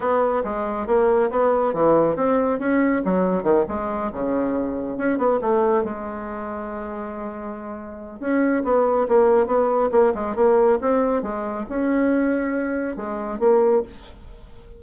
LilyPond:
\new Staff \with { instrumentName = "bassoon" } { \time 4/4 \tempo 4 = 139 b4 gis4 ais4 b4 | e4 c'4 cis'4 fis4 | dis8 gis4 cis2 cis'8 | b8 a4 gis2~ gis8~ |
gis2. cis'4 | b4 ais4 b4 ais8 gis8 | ais4 c'4 gis4 cis'4~ | cis'2 gis4 ais4 | }